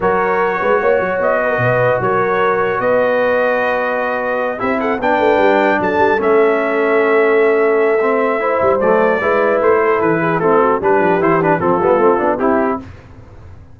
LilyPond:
<<
  \new Staff \with { instrumentName = "trumpet" } { \time 4/4 \tempo 4 = 150 cis''2. dis''4~ | dis''4 cis''2 dis''4~ | dis''2.~ dis''8 e''8 | fis''8 g''2 a''4 e''8~ |
e''1~ | e''2 d''2 | c''4 b'4 a'4 b'4 | c''8 b'8 a'2 g'4 | }
  \new Staff \with { instrumentName = "horn" } { \time 4/4 ais'4. b'8 cis''4. b'16 ais'16 | b'4 ais'2 b'4~ | b'2.~ b'8 g'8 | a'8 b'2 a'4.~ |
a'1~ | a'4 c''2 b'4~ | b'8 a'4 gis'8 e'8 fis'8 g'4~ | g'4 f'2 e'4 | }
  \new Staff \with { instrumentName = "trombone" } { \time 4/4 fis'1~ | fis'1~ | fis'2.~ fis'8 e'8~ | e'8 d'2. cis'8~ |
cis'1 | c'4 e'4 a4 e'4~ | e'2 c'4 d'4 | e'8 d'8 c'8 b8 c'8 d'8 e'4 | }
  \new Staff \with { instrumentName = "tuba" } { \time 4/4 fis4. gis8 ais8 fis8 b4 | b,4 fis2 b4~ | b2.~ b8 c'8~ | c'8 b8 a8 g4 fis8 g8 a8~ |
a1~ | a4. g8 fis4 gis4 | a4 e4 a4 g8 f8 | e4 f8 g8 a8 b8 c'4 | }
>>